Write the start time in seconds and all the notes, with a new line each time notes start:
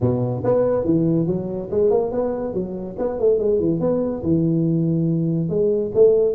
0.00 B2
0.44 B3
0.84 E3
1.26 F#3
1.70 G#3
1.90 A#3
2.11 B3
2.53 F#3
2.98 B3
3.19 A3
3.38 G#3
3.59 E3
3.80 B3
4.22 E3
5.49 G#3
5.94 A3